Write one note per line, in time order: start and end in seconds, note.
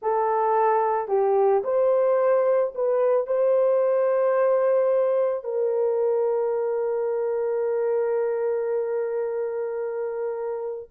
0.01 1.08 A4
1.08 1.62 G4
1.64 2.73 C5
2.75 3.26 B4
3.26 5.43 C5
5.43 10.89 A#4